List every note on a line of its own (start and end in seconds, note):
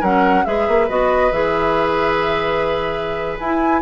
0.00 0.45 F#3
0.00 0.44 C#4
0.00 0.43 A#4
0.00 0.45 F#5
0.44 0.68 G#3
0.44 0.88 G#4
0.44 3.82 B4
0.44 0.89 E5
0.68 0.89 A#3
0.88 1.31 B3
0.88 1.32 F#4
0.88 1.32 D#5
1.31 3.38 E3
1.31 3.39 G#4
1.31 3.38 E5
3.38 3.82 E4
3.38 3.82 G#5